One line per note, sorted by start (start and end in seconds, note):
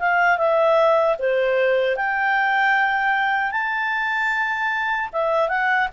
0.00 0.38 F5
0.38 1.17 E5
1.19 1.97 C5
1.97 3.52 G5
3.52 5.10 A5
5.13 5.49 E5
5.49 5.89 F#5